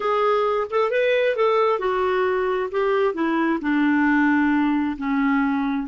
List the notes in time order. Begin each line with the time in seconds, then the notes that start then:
0.00 G#4
0.70 A4
0.90 B4
1.36 A4
1.79 F#4
2.71 G4
3.14 E4
3.61 D4
4.97 C#4